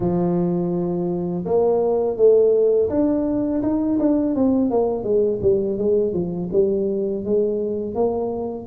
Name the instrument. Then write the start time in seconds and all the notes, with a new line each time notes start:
tuba
0.00 F3
1.45 A#3
2.17 A3
2.89 D4
3.62 D#4
3.99 D4
4.35 C4
4.70 A#3
5.03 G#3
5.42 G3
5.78 G#3
6.12 F3
6.52 G3
7.25 G#3
7.95 A#3